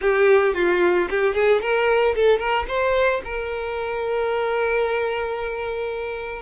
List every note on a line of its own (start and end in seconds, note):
0.01 0.54 G4
0.54 1.08 F4
1.10 1.34 G4
1.34 1.61 G#4
1.61 2.14 A#4
2.15 2.38 A4
2.38 2.65 A#4
2.68 3.21 C5
3.24 6.42 A#4